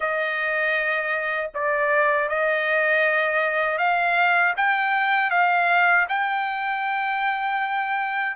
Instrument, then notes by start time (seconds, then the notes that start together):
trumpet
0.00 D#5
1.54 D5
2.29 D#5
3.78 F5
4.56 G5
5.30 F5
6.08 G5